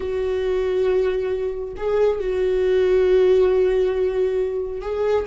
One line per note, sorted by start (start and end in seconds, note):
0.00 1.74 F#4
1.76 2.19 G#4
2.19 4.81 F#4
4.81 5.25 G#4